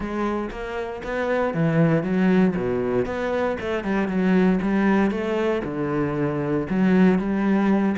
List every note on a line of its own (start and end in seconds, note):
0.00 0.50 G#3
0.50 1.02 A#3
1.03 1.54 B3
1.54 2.03 E3
2.03 2.54 F#3
2.55 3.05 B2
3.05 3.56 B3
3.60 3.84 A3
3.84 4.08 G3
4.08 4.59 F#3
4.62 5.10 G3
5.10 5.62 A3
5.64 6.67 D3
6.69 7.18 F#3
7.18 7.95 G3